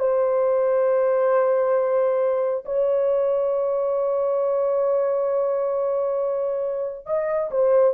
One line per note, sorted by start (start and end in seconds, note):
0.00 2.65 C5
2.66 7.06 C#5
7.06 7.50 D#5
7.51 7.95 C5